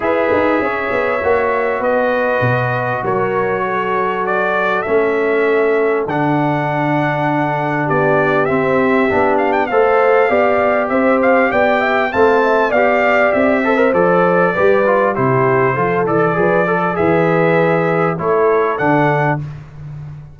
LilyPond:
<<
  \new Staff \with { instrumentName = "trumpet" } { \time 4/4 \tempo 4 = 99 e''2. dis''4~ | dis''4 cis''2 d''4 | e''2 fis''2~ | fis''4 d''4 e''4. f''16 g''16 |
f''2 e''8 f''8 g''4 | a''4 f''4 e''4 d''4~ | d''4 c''4. d''4. | e''2 cis''4 fis''4 | }
  \new Staff \with { instrumentName = "horn" } { \time 4/4 b'4 cis''2 b'4~ | b'4 ais'4 a'2~ | a'1~ | a'4 g'2. |
c''4 d''4 c''4 d''8 e''8 | f''8 e''8 d''4. c''4. | b'4 g'4 a'4 b'8 a'8 | b'2 a'2 | }
  \new Staff \with { instrumentName = "trombone" } { \time 4/4 gis'2 fis'2~ | fis'1 | cis'2 d'2~ | d'2 c'4 d'4 |
a'4 g'2. | c'4 g'4. a'16 ais'16 a'4 | g'8 f'8 e'4 f'8 a'8 gis'8 a'8 | gis'2 e'4 d'4 | }
  \new Staff \with { instrumentName = "tuba" } { \time 4/4 e'8 dis'8 cis'8 b8 ais4 b4 | b,4 fis2. | a2 d2~ | d4 b4 c'4 b4 |
a4 b4 c'4 b4 | a4 b4 c'4 f4 | g4 c4 f8 e8 f4 | e2 a4 d4 | }
>>